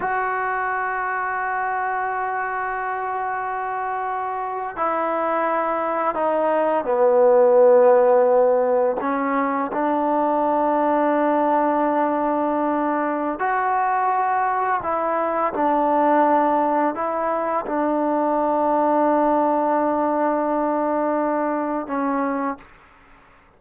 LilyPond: \new Staff \with { instrumentName = "trombone" } { \time 4/4 \tempo 4 = 85 fis'1~ | fis'2~ fis'8. e'4~ e'16~ | e'8. dis'4 b2~ b16~ | b8. cis'4 d'2~ d'16~ |
d'2. fis'4~ | fis'4 e'4 d'2 | e'4 d'2.~ | d'2. cis'4 | }